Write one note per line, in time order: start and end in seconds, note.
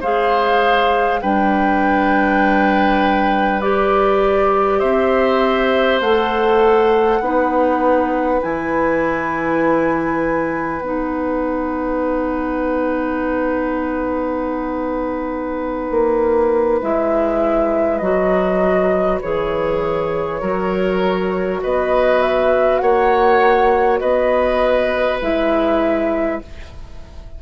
0.00 1.22 G#3
0.00 1.23 G#4
0.00 1.20 C5
0.00 1.21 F5
1.21 4.82 G3
1.21 3.62 D4
1.21 4.79 B4
1.21 3.61 G5
3.61 6.02 G4
3.61 4.79 D5
4.79 6.00 C4
4.79 7.19 C5
4.79 5.99 E5
6.00 7.20 A3
6.00 7.23 A4
6.00 8.41 F#5
7.20 8.40 B3
7.20 8.41 D#4
7.20 20.41 B4
8.41 10.80 E3
8.41 10.81 E4
8.41 10.80 G#5
10.80 15.90 B3
10.80 16.82 D#4
10.80 16.80 F#5
15.91 16.81 A#3
16.82 18.01 G#3
16.82 18.02 E4
16.82 17.98 E5
17.98 19.21 F#3
17.98 19.21 F#4
17.98 19.18 D#5
19.21 20.41 E3
19.21 20.40 G#4
19.21 21.61 C#5
20.40 21.62 F#3
20.40 25.20 F#4
20.40 21.61 A#4
21.63 22.81 B3
21.63 22.82 B4
21.63 22.21 D#5
22.21 22.79 E5
22.79 24.01 A#3
22.79 24.00 C#5
22.79 23.98 F#5
23.99 25.21 B3
23.99 26.40 B4
23.99 25.19 D#5
25.21 26.41 G#3
25.21 26.41 E4
25.21 26.41 E5